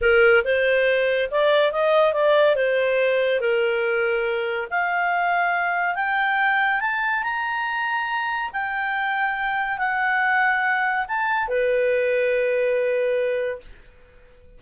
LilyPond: \new Staff \with { instrumentName = "clarinet" } { \time 4/4 \tempo 4 = 141 ais'4 c''2 d''4 | dis''4 d''4 c''2 | ais'2. f''4~ | f''2 g''2 |
a''4 ais''2. | g''2. fis''4~ | fis''2 a''4 b'4~ | b'1 | }